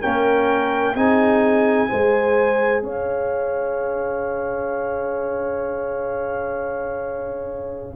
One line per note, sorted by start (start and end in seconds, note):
0.00 0.95 A#3
0.00 0.96 C#4
0.00 0.94 A#4
0.00 0.96 G5
0.95 1.89 C4
0.95 1.88 D#4
0.95 1.89 G#4
0.95 2.83 G#5
1.88 2.82 G#3
1.88 7.96 G#4
1.88 2.83 C5
2.82 7.96 C#4
2.82 7.96 C#5
2.82 7.96 F5